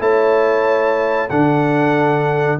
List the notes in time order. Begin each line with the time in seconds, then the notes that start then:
0.00 A3 E4 C#5 A5
1.30 D3 D4 A4 F#5